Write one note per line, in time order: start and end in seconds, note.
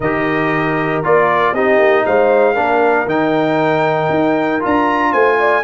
0.00 1.01 D#3
0.00 1.03 G4
0.00 1.51 A#4
0.00 1.03 D#5
1.03 1.52 A#3
1.03 1.54 F4
1.03 1.54 D5
1.52 1.78 C4
1.52 2.55 D#4
1.52 2.05 G4
1.52 2.05 D#5
1.78 2.03 A#3
2.06 2.57 G#3
2.06 2.54 C5
2.06 3.08 F5
2.54 3.05 A#3
2.54 3.06 D4
2.54 5.10 A#4
3.05 4.08 D#3
3.05 4.60 D#4
3.05 4.62 G5
4.09 4.61 D#4
4.60 5.13 D4
4.60 5.62 F4
4.60 5.12 A#5
5.11 5.63 A3
5.11 5.37 C5
5.11 5.63 G#5
5.39 5.63 D5